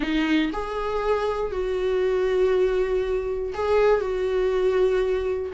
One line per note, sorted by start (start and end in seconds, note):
0.00 0.50 D#4
0.52 1.51 G#4
1.51 3.53 F#4
3.54 4.00 G#4
4.00 5.52 F#4